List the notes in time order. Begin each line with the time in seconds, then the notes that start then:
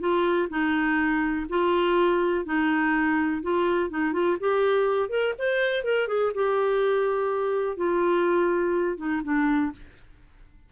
0.00 F4
0.49 D#4
1.49 F4
2.45 D#4
3.42 F4
3.90 D#4
4.13 F4
4.40 G4
5.09 A#4
5.38 C5
5.84 A#4
6.08 G#4
6.34 G4
7.77 F4
8.97 D#4
9.24 D4